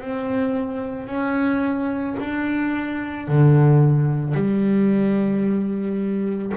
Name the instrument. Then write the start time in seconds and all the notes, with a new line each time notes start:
double bass
0.00 C4
1.06 C#4
2.19 D4
3.28 D3
4.34 G3